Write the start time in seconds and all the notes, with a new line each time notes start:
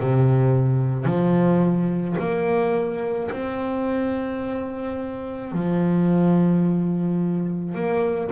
0.00 C3
1.06 F3
2.20 A#3
3.31 C4
5.53 F3
7.75 A#3